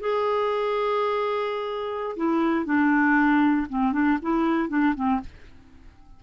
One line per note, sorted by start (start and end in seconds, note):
0.00 2.16 G#4
2.16 2.65 E4
2.65 3.67 D4
3.69 3.92 C4
3.92 4.18 D4
4.22 4.69 E4
4.69 4.94 D4
4.95 5.20 C4